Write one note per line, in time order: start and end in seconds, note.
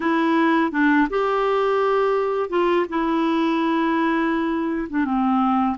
0.00 0.71 E4
0.71 1.07 D4
1.10 2.49 G4
2.49 2.86 F4
2.89 4.88 E4
4.89 5.04 D4
5.04 5.76 C4